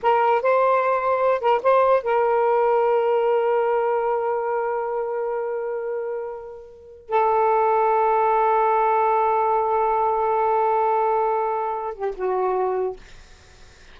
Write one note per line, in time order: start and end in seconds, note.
0.02 0.42 A#4
0.42 1.41 C5
1.41 1.61 A#4
1.63 2.03 C5
2.03 7.09 A#4
7.09 11.94 A4
11.94 12.14 G4
12.15 12.96 F#4